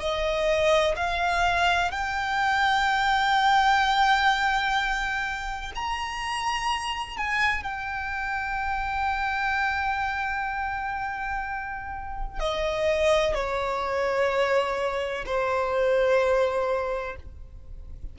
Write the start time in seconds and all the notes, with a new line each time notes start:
0.00 D#5
0.96 F5
1.91 G5
5.75 A#5
7.17 G#5
7.63 G5
12.39 D#5
13.34 C#5
15.26 C5